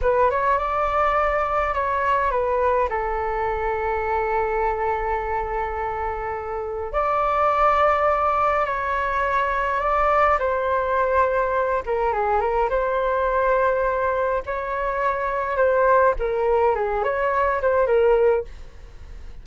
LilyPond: \new Staff \with { instrumentName = "flute" } { \time 4/4 \tempo 4 = 104 b'8 cis''8 d''2 cis''4 | b'4 a'2.~ | a'1 | d''2. cis''4~ |
cis''4 d''4 c''2~ | c''8 ais'8 gis'8 ais'8 c''2~ | c''4 cis''2 c''4 | ais'4 gis'8 cis''4 c''8 ais'4 | }